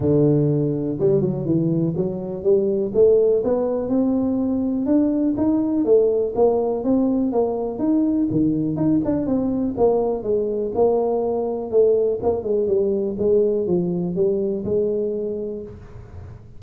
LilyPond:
\new Staff \with { instrumentName = "tuba" } { \time 4/4 \tempo 4 = 123 d2 g8 fis8 e4 | fis4 g4 a4 b4 | c'2 d'4 dis'4 | a4 ais4 c'4 ais4 |
dis'4 dis4 dis'8 d'8 c'4 | ais4 gis4 ais2 | a4 ais8 gis8 g4 gis4 | f4 g4 gis2 | }